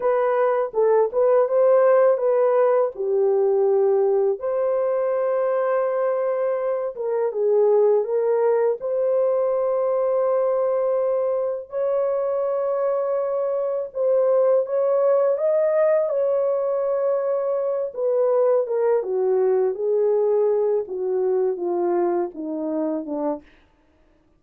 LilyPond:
\new Staff \with { instrumentName = "horn" } { \time 4/4 \tempo 4 = 82 b'4 a'8 b'8 c''4 b'4 | g'2 c''2~ | c''4. ais'8 gis'4 ais'4 | c''1 |
cis''2. c''4 | cis''4 dis''4 cis''2~ | cis''8 b'4 ais'8 fis'4 gis'4~ | gis'8 fis'4 f'4 dis'4 d'8 | }